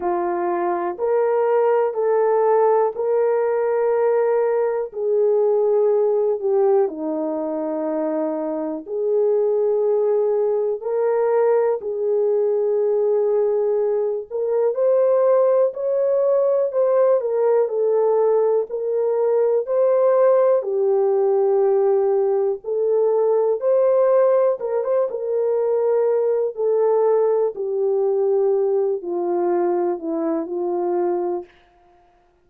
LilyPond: \new Staff \with { instrumentName = "horn" } { \time 4/4 \tempo 4 = 61 f'4 ais'4 a'4 ais'4~ | ais'4 gis'4. g'8 dis'4~ | dis'4 gis'2 ais'4 | gis'2~ gis'8 ais'8 c''4 |
cis''4 c''8 ais'8 a'4 ais'4 | c''4 g'2 a'4 | c''4 ais'16 c''16 ais'4. a'4 | g'4. f'4 e'8 f'4 | }